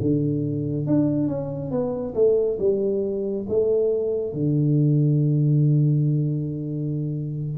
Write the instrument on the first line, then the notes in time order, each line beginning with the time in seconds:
tuba
0.00 D3
0.86 D4
1.28 C#4
1.70 B3
2.14 A3
2.59 G3
3.48 A3
4.33 D3